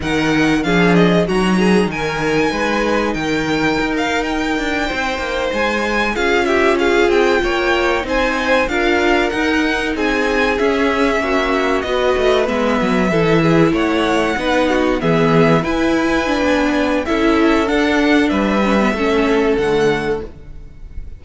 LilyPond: <<
  \new Staff \with { instrumentName = "violin" } { \time 4/4 \tempo 4 = 95 fis''4 f''8 dis''8 ais''4 gis''4~ | gis''4 g''4~ g''16 f''8 g''4~ g''16~ | g''8. gis''4 f''8 e''8 f''8 g''8.~ | g''8. gis''4 f''4 fis''4 gis''16~ |
gis''8. e''2 dis''4 e''16~ | e''4.~ e''16 fis''2 e''16~ | e''8. gis''2~ gis''16 e''4 | fis''4 e''2 fis''4 | }
  \new Staff \with { instrumentName = "violin" } { \time 4/4 ais'4 gis'4 fis'8 gis'8 ais'4 | b'4 ais'2~ ais'8. c''16~ | c''4.~ c''16 gis'8 g'8 gis'4 cis''16~ | cis''8. c''4 ais'2 gis'16~ |
gis'4.~ gis'16 fis'4 b'4~ b'16~ | b'8. a'8 gis'8 cis''4 b'8 fis'8 gis'16~ | gis'8. b'2~ b'16 a'4~ | a'4 b'4 a'2 | }
  \new Staff \with { instrumentName = "viola" } { \time 4/4 dis'4 d'4 dis'2~ | dis'1~ | dis'4.~ dis'16 f'2~ f'16~ | f'8. dis'4 f'4 dis'4~ dis'16~ |
dis'8. cis'2 fis'4 b16~ | b8. e'2 dis'4 b16~ | b8. e'4 d'4~ d'16 e'4 | d'4. cis'16 b16 cis'4 a4 | }
  \new Staff \with { instrumentName = "cello" } { \time 4/4 dis4 f4 fis4 dis4 | gis4 dis4 dis'4~ dis'16 d'8 c'16~ | c'16 ais8 gis4 cis'4. c'8 ais16~ | ais8. c'4 d'4 dis'4 c'16~ |
c'8. cis'4 ais4 b8 a8 gis16~ | gis16 fis8 e4 a4 b4 e16~ | e8. e'4~ e'16 b4 cis'4 | d'4 g4 a4 d4 | }
>>